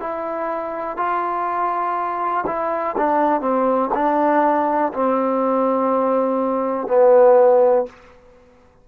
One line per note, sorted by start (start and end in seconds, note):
0.00 0.97 E4
0.97 2.45 F4
2.47 2.96 E4
2.98 3.42 D4
3.42 3.91 C4
3.95 4.93 D4
4.94 6.88 C4
6.88 7.86 B3